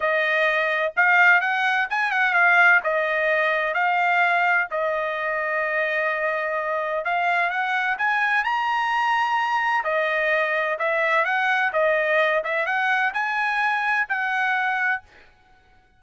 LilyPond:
\new Staff \with { instrumentName = "trumpet" } { \time 4/4 \tempo 4 = 128 dis''2 f''4 fis''4 | gis''8 fis''8 f''4 dis''2 | f''2 dis''2~ | dis''2. f''4 |
fis''4 gis''4 ais''2~ | ais''4 dis''2 e''4 | fis''4 dis''4. e''8 fis''4 | gis''2 fis''2 | }